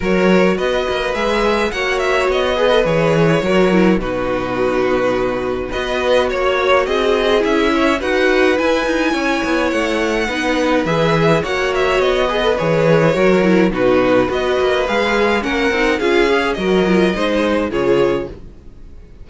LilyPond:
<<
  \new Staff \with { instrumentName = "violin" } { \time 4/4 \tempo 4 = 105 cis''4 dis''4 e''4 fis''8 e''8 | dis''4 cis''2 b'4~ | b'2 dis''4 cis''4 | dis''4 e''4 fis''4 gis''4~ |
gis''4 fis''2 e''4 | fis''8 e''8 dis''4 cis''2 | b'4 dis''4 f''4 fis''4 | f''4 dis''2 cis''4 | }
  \new Staff \with { instrumentName = "violin" } { \time 4/4 ais'4 b'2 cis''4~ | cis''8 b'4. ais'4 fis'4~ | fis'2 b'4 cis''4 | gis'4. cis''8 b'2 |
cis''2 b'2 | cis''4. b'4. ais'4 | fis'4 b'2 ais'4 | gis'4 ais'4 c''4 gis'4 | }
  \new Staff \with { instrumentName = "viola" } { \time 4/4 fis'2 gis'4 fis'4~ | fis'8 gis'16 a'16 gis'4 fis'8 e'8 dis'4~ | dis'2 fis'2~ | fis'4 e'4 fis'4 e'4~ |
e'2 dis'4 gis'4 | fis'4. gis'16 a'16 gis'4 fis'8 e'8 | dis'4 fis'4 gis'4 cis'8 dis'8 | f'8 gis'8 fis'8 f'8 dis'4 f'4 | }
  \new Staff \with { instrumentName = "cello" } { \time 4/4 fis4 b8 ais8 gis4 ais4 | b4 e4 fis4 b,4~ | b,2 b4 ais4 | c'4 cis'4 dis'4 e'8 dis'8 |
cis'8 b8 a4 b4 e4 | ais4 b4 e4 fis4 | b,4 b8 ais8 gis4 ais8 c'8 | cis'4 fis4 gis4 cis4 | }
>>